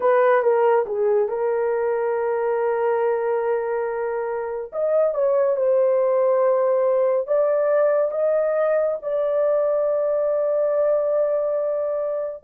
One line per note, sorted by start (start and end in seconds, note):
0.00 0.42 B4
0.42 0.85 A#4
0.86 1.28 G#4
1.28 4.71 A#4
4.72 5.14 D#5
5.14 5.56 C#5
5.56 7.27 C5
7.27 8.11 D5
8.11 8.96 D#5
9.02 12.43 D5